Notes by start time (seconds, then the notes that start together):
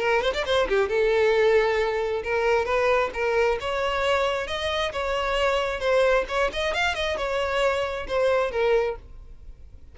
0.00 A#4
0.22 C5
0.34 D5
0.46 C5
0.69 G4
0.89 A4
2.24 A#4
2.66 B4
3.14 A#4
3.61 C#5
4.47 D#5
4.93 C#5
5.80 C5
6.29 C#5
6.53 D#5
6.74 F5
6.95 D#5
7.17 C#5
8.08 C5
8.51 A#4